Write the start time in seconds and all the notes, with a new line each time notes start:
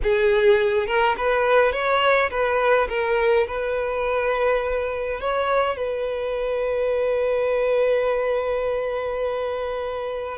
0.02 G#4
0.87 A#4
1.17 B4
1.72 C#5
2.30 B4
2.88 A#4
3.47 B4
5.20 C#5
5.76 B4